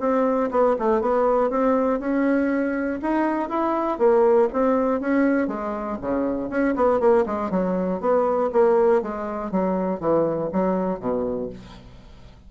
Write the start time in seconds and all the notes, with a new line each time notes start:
0.00 C4
0.51 B3
0.79 A3
1.01 B3
1.50 C4
2.00 C#4
3.02 D#4
3.49 E4
3.98 A#3
4.53 C4
5.00 C#4
5.48 G#3
6.01 C#3
6.50 C#4
6.76 B3
7.00 A#3
7.26 G#3
7.50 F#3
8.00 B3
8.52 A#3
9.02 G#3
9.51 F#3
10.00 E3
10.52 F#3
11.00 B2